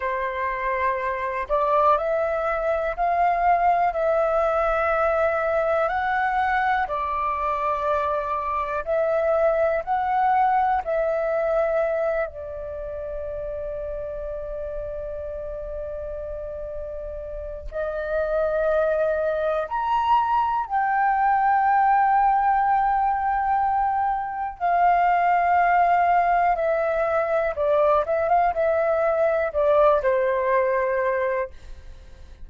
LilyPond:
\new Staff \with { instrumentName = "flute" } { \time 4/4 \tempo 4 = 61 c''4. d''8 e''4 f''4 | e''2 fis''4 d''4~ | d''4 e''4 fis''4 e''4~ | e''8 d''2.~ d''8~ |
d''2 dis''2 | ais''4 g''2.~ | g''4 f''2 e''4 | d''8 e''16 f''16 e''4 d''8 c''4. | }